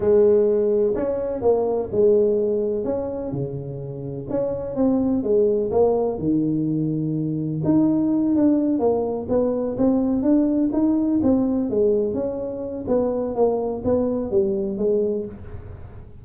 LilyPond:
\new Staff \with { instrumentName = "tuba" } { \time 4/4 \tempo 4 = 126 gis2 cis'4 ais4 | gis2 cis'4 cis4~ | cis4 cis'4 c'4 gis4 | ais4 dis2. |
dis'4. d'4 ais4 b8~ | b8 c'4 d'4 dis'4 c'8~ | c'8 gis4 cis'4. b4 | ais4 b4 g4 gis4 | }